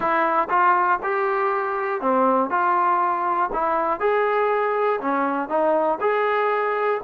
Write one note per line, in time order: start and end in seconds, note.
0.00 0.48 E4
0.49 0.99 F4
1.02 2.01 G4
2.01 2.50 C4
2.50 3.50 F4
3.52 4.00 E4
4.00 5.00 G#4
5.01 5.48 C#4
5.48 5.98 D#4
6.00 7.00 G#4